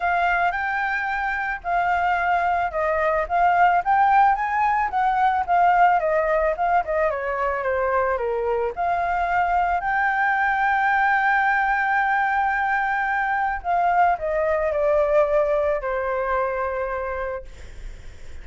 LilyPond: \new Staff \with { instrumentName = "flute" } { \time 4/4 \tempo 4 = 110 f''4 g''2 f''4~ | f''4 dis''4 f''4 g''4 | gis''4 fis''4 f''4 dis''4 | f''8 dis''8 cis''4 c''4 ais'4 |
f''2 g''2~ | g''1~ | g''4 f''4 dis''4 d''4~ | d''4 c''2. | }